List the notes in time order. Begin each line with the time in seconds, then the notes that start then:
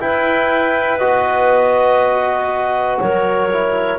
0.00 E4 B4 G5
0.98 B3 F#4 D#5
2.99 F#3 A#4 C#5
3.53 E4